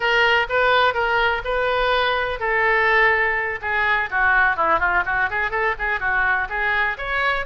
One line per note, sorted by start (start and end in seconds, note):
0.00 0.46 A#4
0.49 0.93 B4
0.93 1.41 A#4
1.44 2.39 B4
2.39 3.59 A4
3.61 4.09 G#4
4.10 4.56 F#4
4.56 4.79 E4
4.79 5.03 F4
5.05 5.29 F#4
5.30 5.50 G#4
5.50 5.74 A4
5.78 6.00 G#4
6.00 6.48 F#4
6.49 6.97 G#4
6.97 7.45 C#5